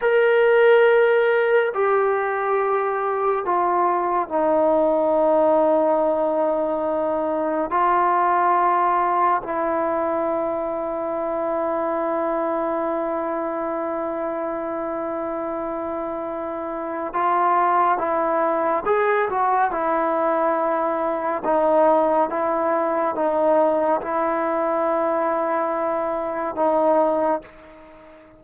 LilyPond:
\new Staff \with { instrumentName = "trombone" } { \time 4/4 \tempo 4 = 70 ais'2 g'2 | f'4 dis'2.~ | dis'4 f'2 e'4~ | e'1~ |
e'1 | f'4 e'4 gis'8 fis'8 e'4~ | e'4 dis'4 e'4 dis'4 | e'2. dis'4 | }